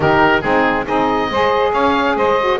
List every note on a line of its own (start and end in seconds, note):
0.00 0.42 D#3
0.00 0.42 D#4
0.00 0.40 G4
0.00 0.41 A#4
0.40 0.87 G#3
0.40 0.86 C4
0.40 0.84 D#4
0.40 0.84 G#4
0.85 1.30 C4
0.85 1.30 D#4
0.85 1.28 G#4
0.85 1.73 D#5
1.30 1.73 G#3
1.30 2.40 G#4
1.30 1.72 C5
1.72 2.15 C#4
1.72 2.15 C#5
1.72 2.16 F5
2.15 2.59 G#3
2.15 2.59 C5
2.15 2.59 D#5
2.40 2.59 F#4